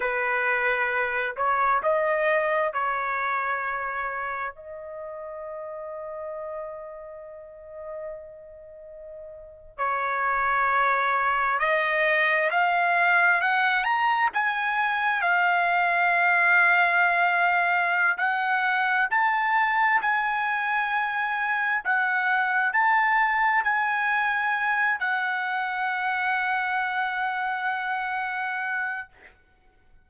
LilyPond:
\new Staff \with { instrumentName = "trumpet" } { \time 4/4 \tempo 4 = 66 b'4. cis''8 dis''4 cis''4~ | cis''4 dis''2.~ | dis''2~ dis''8. cis''4~ cis''16~ | cis''8. dis''4 f''4 fis''8 ais''8 gis''16~ |
gis''8. f''2.~ f''16 | fis''4 a''4 gis''2 | fis''4 a''4 gis''4. fis''8~ | fis''1 | }